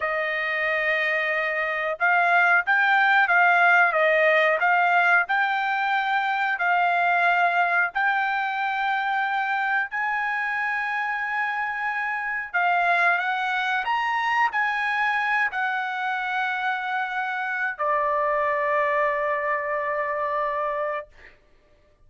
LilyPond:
\new Staff \with { instrumentName = "trumpet" } { \time 4/4 \tempo 4 = 91 dis''2. f''4 | g''4 f''4 dis''4 f''4 | g''2 f''2 | g''2. gis''4~ |
gis''2. f''4 | fis''4 ais''4 gis''4. fis''8~ | fis''2. d''4~ | d''1 | }